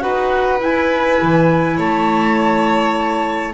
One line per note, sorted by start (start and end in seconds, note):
0.00 0.60 D#4
0.00 0.60 F#4
0.00 1.77 B4
0.00 0.59 F#5
0.60 3.54 E4
0.60 1.19 E4
0.60 1.80 G#5
1.22 1.79 E3
1.77 3.54 A3
1.77 3.54 C#5
1.77 3.54 A5